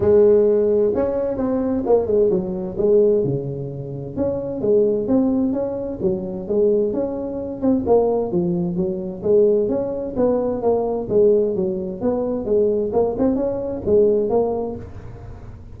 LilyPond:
\new Staff \with { instrumentName = "tuba" } { \time 4/4 \tempo 4 = 130 gis2 cis'4 c'4 | ais8 gis8 fis4 gis4 cis4~ | cis4 cis'4 gis4 c'4 | cis'4 fis4 gis4 cis'4~ |
cis'8 c'8 ais4 f4 fis4 | gis4 cis'4 b4 ais4 | gis4 fis4 b4 gis4 | ais8 c'8 cis'4 gis4 ais4 | }